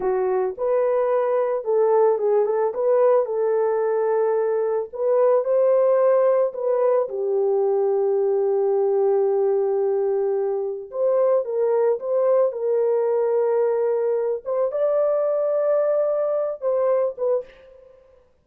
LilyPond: \new Staff \with { instrumentName = "horn" } { \time 4/4 \tempo 4 = 110 fis'4 b'2 a'4 | gis'8 a'8 b'4 a'2~ | a'4 b'4 c''2 | b'4 g'2.~ |
g'1 | c''4 ais'4 c''4 ais'4~ | ais'2~ ais'8 c''8 d''4~ | d''2~ d''8 c''4 b'8 | }